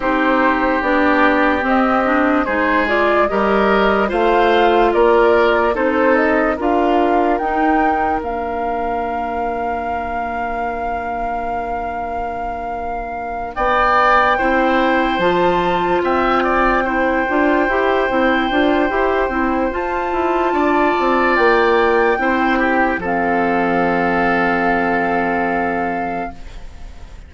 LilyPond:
<<
  \new Staff \with { instrumentName = "flute" } { \time 4/4 \tempo 4 = 73 c''4 d''4 dis''4 c''8 d''8 | dis''4 f''4 d''4 c''8 dis''8 | f''4 g''4 f''2~ | f''1~ |
f''8 g''2 a''4 g''8~ | g''1 | a''2 g''2 | f''1 | }
  \new Staff \with { instrumentName = "oboe" } { \time 4/4 g'2. gis'4 | ais'4 c''4 ais'4 a'4 | ais'1~ | ais'1~ |
ais'8 d''4 c''2 e''8 | d''8 c''2.~ c''8~ | c''4 d''2 c''8 g'8 | a'1 | }
  \new Staff \with { instrumentName = "clarinet" } { \time 4/4 dis'4 d'4 c'8 d'8 dis'8 f'8 | g'4 f'2 dis'4 | f'4 dis'4 d'2~ | d'1~ |
d'4. e'4 f'4.~ | f'8 e'8 f'8 g'8 e'8 f'8 g'8 e'8 | f'2. e'4 | c'1 | }
  \new Staff \with { instrumentName = "bassoon" } { \time 4/4 c'4 b4 c'4 gis4 | g4 a4 ais4 c'4 | d'4 dis'4 ais2~ | ais1~ |
ais8 b4 c'4 f4 c'8~ | c'4 d'8 e'8 c'8 d'8 e'8 c'8 | f'8 e'8 d'8 c'8 ais4 c'4 | f1 | }
>>